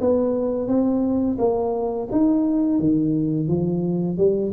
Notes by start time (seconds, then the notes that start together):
0.00 B3
0.68 C4
1.38 A#3
2.11 D#4
2.79 D#3
3.48 F3
4.17 G3